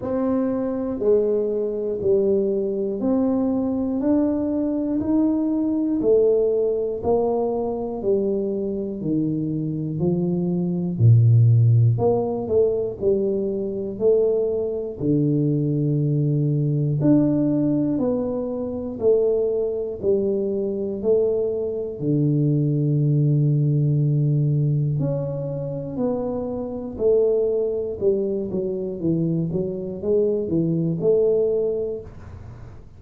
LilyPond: \new Staff \with { instrumentName = "tuba" } { \time 4/4 \tempo 4 = 60 c'4 gis4 g4 c'4 | d'4 dis'4 a4 ais4 | g4 dis4 f4 ais,4 | ais8 a8 g4 a4 d4~ |
d4 d'4 b4 a4 | g4 a4 d2~ | d4 cis'4 b4 a4 | g8 fis8 e8 fis8 gis8 e8 a4 | }